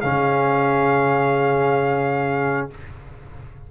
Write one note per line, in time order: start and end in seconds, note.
0.00 2.71 C#3
0.00 2.70 C#4
0.00 2.69 G#4
0.00 2.68 F5